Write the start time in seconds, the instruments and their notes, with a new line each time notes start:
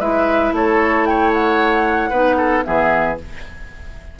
0.00 bassoon G#3, clarinet E4, oboe B4, flute E5
0.53 bassoon A3, oboe A4, flute C#5
1.06 oboe C#5, flute G5
1.34 flute F#5
2.10 bassoon B3, clarinet D#4, oboe B4
2.37 oboe A4
2.64 bassoon E3, clarinet B3, oboe G#4, flute E5